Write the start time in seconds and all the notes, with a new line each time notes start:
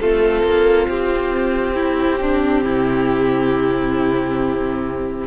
0.00 A3 C4 F4 A4
0.43 A#3
0.88 C4 G4
1.75 E4
2.21 D4
2.63 C3 E4